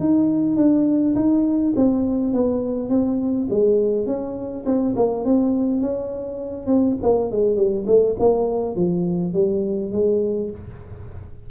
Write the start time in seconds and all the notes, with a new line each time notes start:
0.00 D#4
0.57 D4
1.15 D#4
1.76 C4
2.34 B3
2.90 C4
3.51 G#3
4.07 C#4
4.66 C4
4.96 A#3
5.25 C4
5.81 C#4
6.67 C4
7.03 A#3
7.31 G#3
7.57 G3
7.87 A3
8.20 A#3
8.76 F3
9.34 G3
9.92 G#3